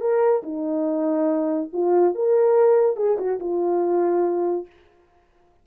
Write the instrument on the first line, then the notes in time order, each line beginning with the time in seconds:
horn
0.00 A#4
0.43 D#4
1.73 F4
2.15 A#4
2.96 G#4
3.18 F#4
3.40 F4